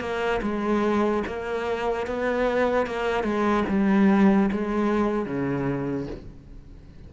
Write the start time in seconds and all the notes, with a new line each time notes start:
0.00 A#3
0.42 G#3
1.27 A#3
2.07 B3
2.87 A#3
3.24 G#3
3.69 G3
4.52 G#3
5.26 C#3